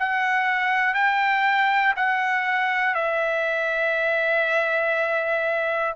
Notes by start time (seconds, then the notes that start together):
0.00 F#5
0.95 G5
1.97 F#5
2.95 E5